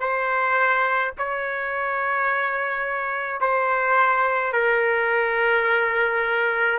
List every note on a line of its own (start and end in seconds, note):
0.00 1.13 C5
1.17 3.41 C#5
3.41 4.53 C5
4.53 6.78 A#4